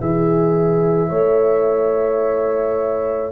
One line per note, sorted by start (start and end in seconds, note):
0.00 1.11 E3
0.00 3.31 E4
0.00 1.09 G#4
0.00 3.31 E5
1.09 3.31 A3
1.09 3.31 C#5